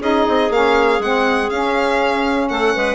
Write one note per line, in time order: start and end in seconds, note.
0.00 0.25 C#4
0.00 0.50 D#4
0.00 2.48 G#4
0.00 0.52 D#5
0.28 0.49 C4
0.49 0.99 A#3
0.49 1.01 C#4
0.49 1.01 F5
0.99 1.48 G#3
0.99 1.52 C4
0.99 1.49 F#5
1.49 2.50 C#4
1.49 2.95 C#4
1.49 2.48 F5
2.48 2.75 A3
2.48 2.74 A4
2.48 2.95 F#5
2.75 2.95 G#3
2.75 2.95 B4